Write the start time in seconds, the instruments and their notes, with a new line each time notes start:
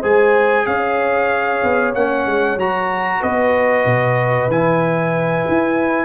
0.00 tuba G#3, trombone G#4, horn C5, trumpet G#5
0.66 tuba C#4, horn C#5, trumpet F5
1.63 tuba B3
1.94 tuba A#3, trombone C#4, trumpet F#5
2.26 tuba G#3
2.56 tuba F#3, trombone F#4, trumpet A#5
3.20 tuba B3, horn B4, trumpet D#5
3.85 tuba B2
4.48 tuba E3, trombone E4, trumpet G#5
5.48 tuba E4